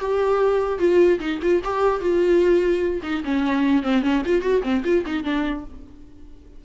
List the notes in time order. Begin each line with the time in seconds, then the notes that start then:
0.00 G4
0.79 F4
1.20 D#4
1.42 F4
1.64 G4
2.01 F4
3.03 D#4
3.25 C#4
3.83 C4
4.02 C#4
4.26 F4
4.42 F#4
4.63 C4
4.84 F4
5.06 D#4
5.24 D4